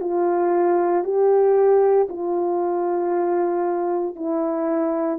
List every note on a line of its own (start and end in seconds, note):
0.00 1.03 F4
1.04 2.07 G4
2.09 4.15 F4
4.15 5.19 E4